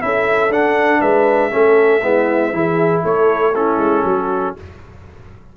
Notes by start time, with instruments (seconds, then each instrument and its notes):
0.00 tuba C#4, trombone E4, horn A4, trumpet E5
0.50 tuba D4, trombone D4, trumpet F#5
1.01 tuba G#3, horn B4, trumpet E5
1.51 tuba A3, trombone C#4, horn A4
2.03 tuba G#3, trombone B3, horn E4
2.53 tuba E3, trombone E4, horn G#4
3.04 tuba A3, horn A4, trumpet C#5
3.55 trombone C#4, horn E4, trumpet A4
3.78 tuba G#3
4.05 tuba F#3, horn F#4